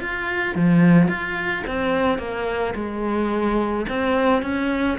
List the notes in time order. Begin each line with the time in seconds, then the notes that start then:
0.00 F4
0.55 F3
1.08 F4
1.67 C4
2.18 A#3
2.74 G#3
3.88 C4
4.42 C#4